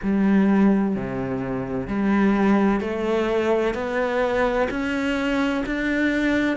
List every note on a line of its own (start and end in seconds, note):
0.03 0.95 G3
0.95 1.87 C3
1.87 2.80 G3
2.80 3.74 A3
3.74 4.67 B3
4.70 5.64 C#4
5.65 6.56 D4